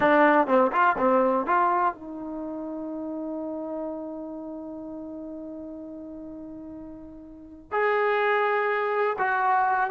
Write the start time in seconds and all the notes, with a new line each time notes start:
0.00 D4
0.47 C4
0.71 F4
0.98 C4
1.46 F4
1.94 D#4
7.71 G#4
9.18 F#4